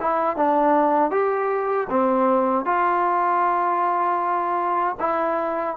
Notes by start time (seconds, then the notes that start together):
0.00 E4
0.36 D4
1.10 G4
1.90 C4
2.65 F4
4.99 E4